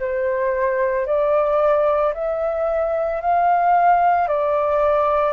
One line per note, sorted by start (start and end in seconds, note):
0.00 1.06 C5
1.06 2.13 D5
2.14 3.21 E5
3.21 4.28 F5
4.28 5.33 D5